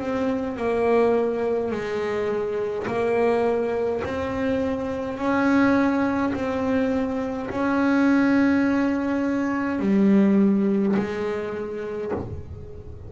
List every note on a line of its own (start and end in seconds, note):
0.00 0.57 C4
0.57 1.72 A#3
1.72 2.87 G#3
2.87 4.03 A#3
4.04 5.18 C4
5.18 6.34 C#4
6.34 7.49 C4
7.50 9.80 C#4
9.80 10.95 G3
10.97 12.12 G#3